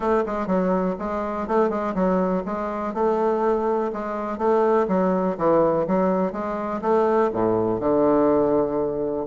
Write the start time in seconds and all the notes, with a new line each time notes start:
0.00 A3
0.26 G#3
0.46 F#3
0.99 G#3
1.47 A3
1.69 G#3
1.94 F#3
2.45 G#3
2.94 A3
3.92 G#3
4.38 A3
4.88 F#3
5.37 E3
5.87 F#3
6.32 G#3
6.81 A3
7.32 A2
7.80 D3